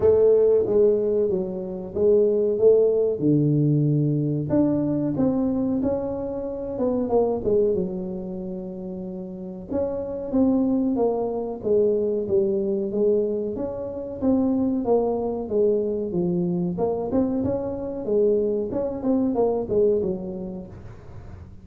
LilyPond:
\new Staff \with { instrumentName = "tuba" } { \time 4/4 \tempo 4 = 93 a4 gis4 fis4 gis4 | a4 d2 d'4 | c'4 cis'4. b8 ais8 gis8 | fis2. cis'4 |
c'4 ais4 gis4 g4 | gis4 cis'4 c'4 ais4 | gis4 f4 ais8 c'8 cis'4 | gis4 cis'8 c'8 ais8 gis8 fis4 | }